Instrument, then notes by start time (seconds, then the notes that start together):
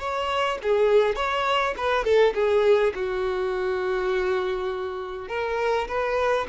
violin
0.00 C#5
0.63 G#4
1.16 C#5
1.78 B4
2.05 A4
2.35 G#4
2.95 F#4
5.29 A#4
5.89 B4